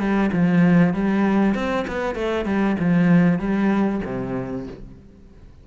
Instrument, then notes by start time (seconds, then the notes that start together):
cello
0.00 G3
0.33 F3
0.94 G3
1.55 C4
1.88 B3
2.16 A3
2.46 G3
2.80 F3
3.40 G3
4.05 C3